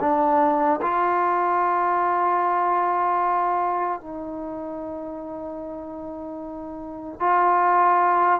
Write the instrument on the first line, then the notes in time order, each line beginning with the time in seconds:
trombone
0.00 D4
0.81 F4
4.00 D#4
7.20 F4